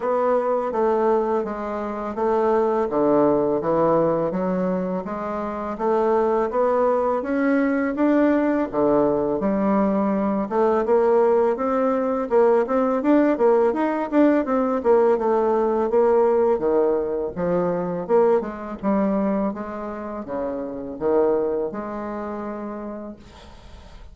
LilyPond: \new Staff \with { instrumentName = "bassoon" } { \time 4/4 \tempo 4 = 83 b4 a4 gis4 a4 | d4 e4 fis4 gis4 | a4 b4 cis'4 d'4 | d4 g4. a8 ais4 |
c'4 ais8 c'8 d'8 ais8 dis'8 d'8 | c'8 ais8 a4 ais4 dis4 | f4 ais8 gis8 g4 gis4 | cis4 dis4 gis2 | }